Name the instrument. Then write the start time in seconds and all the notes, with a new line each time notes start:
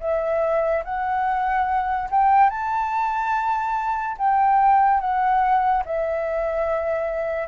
flute
0.00 E5
0.84 F#5
2.10 G5
2.50 A5
4.17 G5
5.00 F#5
5.85 E5